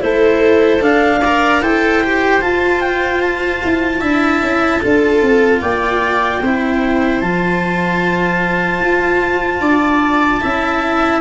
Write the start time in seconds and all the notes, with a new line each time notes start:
0.00 A3 E4 A4 C5
0.81 D4 F5
1.20 A#4 D5
1.62 E4 A4 C5 G5
2.03 G4
2.41 F4 A5
2.81 G5
3.20 A5
3.64 E4
4.00 D4 E4 E5
4.42 C#4
4.80 D4 F4 A4
5.22 C4
5.61 A#3 D5 G5
6.42 C4 E4 C5
7.21 F3 F4 A5
8.81 F4
9.60 D4 D5
10.41 C#4 E4 E5